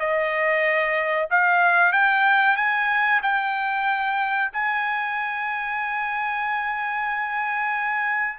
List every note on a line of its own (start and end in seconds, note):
0.00 1.29 D#5
1.30 1.93 F5
1.93 2.57 G5
2.57 3.21 G#5
3.23 4.52 G5
4.53 8.39 G#5